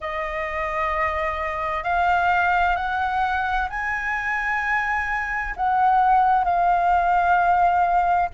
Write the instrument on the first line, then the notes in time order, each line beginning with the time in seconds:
flute
0.00 D#5
1.83 F5
2.76 F#5
3.69 G#5
5.56 F#5
6.44 F5